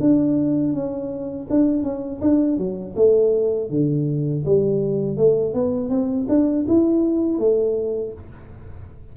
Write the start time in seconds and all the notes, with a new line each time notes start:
0.00 D4
0.73 C#4
1.50 D4
1.83 C#4
2.21 D4
2.58 F#3
2.96 A3
3.70 D3
4.45 G3
5.17 A3
5.54 B3
5.90 C4
6.29 D4
6.68 E4
7.39 A3